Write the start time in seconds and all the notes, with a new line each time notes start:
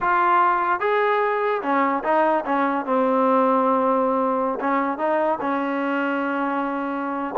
0.00 F4
0.79 G#4
1.62 C#4
2.03 D#4
2.45 C#4
2.85 C4
4.60 C#4
4.98 D#4
5.40 C#4